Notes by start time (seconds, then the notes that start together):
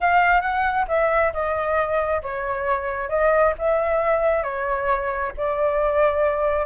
0.01 F5
0.41 F#5
0.88 E5
1.33 D#5
2.22 C#5
3.09 D#5
3.58 E5
4.43 C#5
5.37 D5